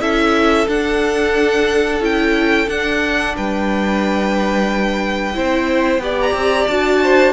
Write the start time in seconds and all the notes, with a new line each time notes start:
0.00 C#4 E4 A4 E5
0.67 D4 F#5
2.00 C#4 E4 G5
2.67 D4 F#5
3.36 G3 B4 G5
5.34 C4 E4 C5
5.98 B3 G4 D5
6.20 A#5
6.33 C4
6.67 D4 F#4 A5
7.03 C5